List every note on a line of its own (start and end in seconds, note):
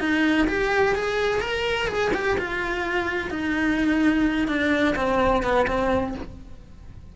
0.00 0.47 D#4
0.48 0.95 G4
0.95 1.41 G#4
1.41 1.87 A#4
1.87 2.11 G#4
2.14 2.38 G4
2.38 3.30 F4
3.30 4.48 D#4
4.48 4.95 D4
4.96 5.43 C4
5.43 5.66 B3
5.67 6.14 C4